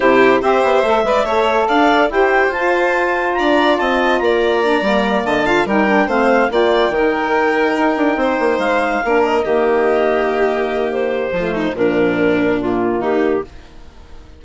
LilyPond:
<<
  \new Staff \with { instrumentName = "clarinet" } { \time 4/4 \tempo 4 = 143 c''4 e''2. | f''4 g''4 a''2 | ais''4 a''4 ais''2~ | ais''8 a''4 g''4 f''4 g''8~ |
g''1~ | g''8 f''4. dis''2~ | dis''2 c''2 | ais'2 f'4 g'4 | }
  \new Staff \with { instrumentName = "violin" } { \time 4/4 g'4 c''4. d''8 cis''4 | d''4 c''2. | d''4 dis''4 d''2~ | d''8 dis''8 f''8 ais'4 c''4 d''8~ |
d''8 ais'2. c''8~ | c''4. ais'4 g'4.~ | g'2. f'8 dis'8 | d'2. dis'4 | }
  \new Staff \with { instrumentName = "saxophone" } { \time 4/4 e'4 g'4 a'8 b'8 a'4~ | a'4 g'4 f'2~ | f'2. d'8 ais8~ | ais4 f'8 dis'8 d'8 c'4 f'8~ |
f'8 dis'2.~ dis'8~ | dis'4. d'4 ais4.~ | ais2. a4 | f2 ais2 | }
  \new Staff \with { instrumentName = "bassoon" } { \time 4/4 c4 c'8 b8 a8 gis8 a4 | d'4 e'4 f'2 | d'4 c'4 ais4. g8~ | g8 d4 g4 a4 ais8~ |
ais8 dis2 dis'8 d'8 c'8 | ais8 gis4 ais4 dis4.~ | dis2. f4 | ais,2. dis4 | }
>>